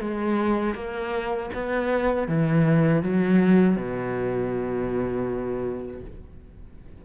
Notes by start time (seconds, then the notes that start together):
0.00 G#3
0.74 A#3
1.53 B3
2.27 E3
3.02 F#3
3.76 B2